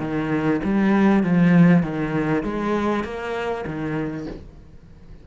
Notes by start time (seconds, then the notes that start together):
0.00 D#3
0.64 G3
1.23 F3
1.83 D#3
2.44 G#3
3.04 A#3
3.66 D#3